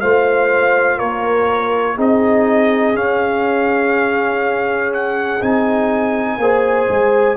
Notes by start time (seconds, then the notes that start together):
0.00 A3 F4 C5 F5
0.98 A#3 A#4 C#5
1.96 C4 D#4 G#4 D#5
2.94 C#4 F5
4.93 F#5
5.41 C4 D#4 G#5
6.37 A#3 G#4 C5
6.89 G#3